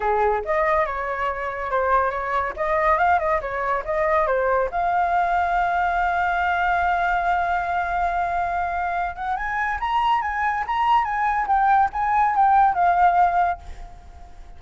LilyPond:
\new Staff \with { instrumentName = "flute" } { \time 4/4 \tempo 4 = 141 gis'4 dis''4 cis''2 | c''4 cis''4 dis''4 f''8 dis''8 | cis''4 dis''4 c''4 f''4~ | f''1~ |
f''1~ | f''4. fis''8 gis''4 ais''4 | gis''4 ais''4 gis''4 g''4 | gis''4 g''4 f''2 | }